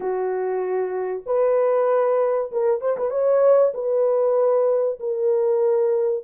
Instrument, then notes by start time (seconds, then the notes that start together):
horn
0.00 F#4
1.26 B4
2.51 A#4
2.81 C5
2.97 B4
3.10 C#5
3.74 B4
4.99 A#4